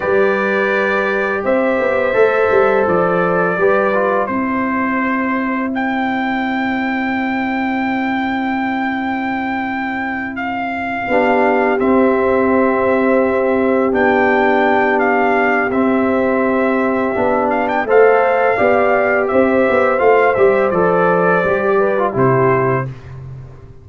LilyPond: <<
  \new Staff \with { instrumentName = "trumpet" } { \time 4/4 \tempo 4 = 84 d''2 e''2 | d''2 c''2 | g''1~ | g''2~ g''8 f''4.~ |
f''8 e''2. g''8~ | g''4 f''4 e''2~ | e''8 f''16 g''16 f''2 e''4 | f''8 e''8 d''2 c''4 | }
  \new Staff \with { instrumentName = "horn" } { \time 4/4 b'2 c''2~ | c''4 b'4 c''2~ | c''1~ | c''2.~ c''8 g'8~ |
g'1~ | g'1~ | g'4 c''4 d''4 c''4~ | c''2~ c''8 b'8 g'4 | }
  \new Staff \with { instrumentName = "trombone" } { \time 4/4 g'2. a'4~ | a'4 g'8 f'8 e'2~ | e'1~ | e'2.~ e'8 d'8~ |
d'8 c'2. d'8~ | d'2 c'2 | d'4 a'4 g'2 | f'8 g'8 a'4 g'8. f'16 e'4 | }
  \new Staff \with { instrumentName = "tuba" } { \time 4/4 g2 c'8 b8 a8 g8 | f4 g4 c'2~ | c'1~ | c'2.~ c'8 b8~ |
b8 c'2. b8~ | b2 c'2 | b4 a4 b4 c'8 b8 | a8 g8 f4 g4 c4 | }
>>